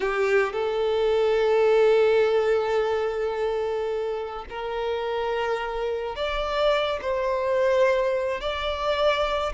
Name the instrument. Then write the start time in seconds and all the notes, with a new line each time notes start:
violin
0.00 G4
0.53 A4
4.49 A#4
6.15 D5
7.01 C5
8.40 D5